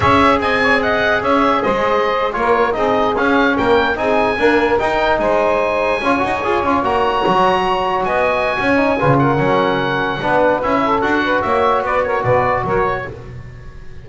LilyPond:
<<
  \new Staff \with { instrumentName = "oboe" } { \time 4/4 \tempo 4 = 147 e''4 gis''4 fis''4 e''4 | dis''4.~ dis''16 cis''4 dis''4 f''16~ | f''8. g''4 gis''2 g''16~ | g''8. gis''2.~ gis''16~ |
gis''8. ais''2. gis''16~ | gis''2~ gis''8 fis''4.~ | fis''2 e''4 fis''4 | e''4 d''8 cis''8 d''4 cis''4 | }
  \new Staff \with { instrumentName = "saxophone" } { \time 4/4 cis''4 dis''8 cis''8 dis''4 cis''4 | c''4.~ c''16 ais'4 gis'4~ gis'16~ | gis'8. ais'4 gis'4 ais'4~ ais'16~ | ais'8. c''2 cis''4~ cis''16~ |
cis''2.~ cis''8. dis''16~ | dis''4 cis''4 b'8 ais'4.~ | ais'4 b'4. a'4 b'8 | cis''4 b'8 ais'8 b'4 ais'4 | }
  \new Staff \with { instrumentName = "trombone" } { \time 4/4 gis'1~ | gis'4.~ gis'16 f'4 dis'4 cis'16~ | cis'4.~ cis'16 dis'4 ais4 dis'16~ | dis'2~ dis'8. f'8 fis'8 gis'16~ |
gis'16 f'8 fis'2.~ fis'16~ | fis'4. dis'8 f'4 cis'4~ | cis'4 d'4 e'4 fis'4~ | fis'1 | }
  \new Staff \with { instrumentName = "double bass" } { \time 4/4 cis'4 c'2 cis'4 | gis4.~ gis16 ais4 c'4 cis'16~ | cis'8. ais4 c'4 d'4 dis'16~ | dis'8. gis2 cis'8 dis'8 f'16~ |
f'16 cis'8 ais4 fis2 b16~ | b4 cis'4 cis4 fis4~ | fis4 b4 cis'4 d'4 | ais4 b4 b,4 fis4 | }
>>